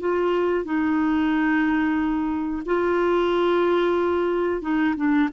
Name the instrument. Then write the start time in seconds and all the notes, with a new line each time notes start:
clarinet
0.00 F4
0.65 D#4
2.65 F4
4.62 D#4
4.96 D4